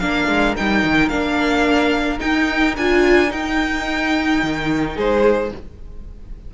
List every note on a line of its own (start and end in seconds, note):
0.00 0.28 A#3
0.00 0.56 D4
0.00 4.96 A#4
0.00 0.55 F5
0.28 0.55 G#3
0.57 0.84 G3
0.57 1.11 D#4
0.57 1.09 G5
0.84 1.11 D#3
1.09 2.21 A#3
1.09 2.19 D4
1.09 2.19 F5
2.19 2.74 D#4
2.19 2.77 D#4
2.19 2.76 G5
2.77 3.32 D4
2.77 3.29 F4
2.77 3.32 G#5
3.29 5.49 D#4
3.29 4.43 D#4
3.29 4.98 G5
4.43 4.97 D#3
4.96 5.52 G#3
4.96 5.51 G#4
4.96 5.54 C5